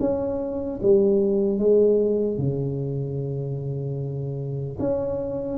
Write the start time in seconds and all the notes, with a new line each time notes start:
0.00 C#4
0.82 G3
1.59 G#3
2.38 C#3
4.80 C#4